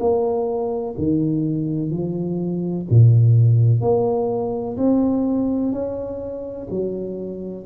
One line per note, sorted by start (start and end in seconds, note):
0.00 0.95 A#3
0.98 1.91 D#3
1.91 2.86 F3
2.90 3.81 A#2
3.81 4.77 A#3
4.77 5.72 C4
5.72 6.68 C#4
6.70 7.65 F#3